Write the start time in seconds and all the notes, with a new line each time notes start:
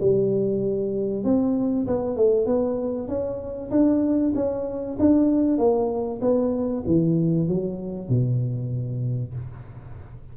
0.00 G3
1.24 C4
1.87 B3
2.16 A3
2.46 B3
3.08 C#4
3.71 D4
4.35 C#4
4.99 D4
5.58 A#3
6.21 B3
6.86 E3
7.48 F#3
8.09 B2